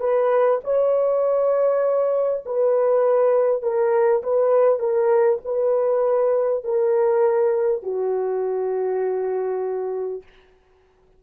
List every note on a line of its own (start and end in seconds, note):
0.00 0.60 B4
0.64 2.44 C#5
2.45 3.62 B4
3.62 4.22 A#4
4.23 4.79 B4
4.79 5.39 A#4
5.44 6.64 B4
6.64 7.83 A#4
7.83 10.23 F#4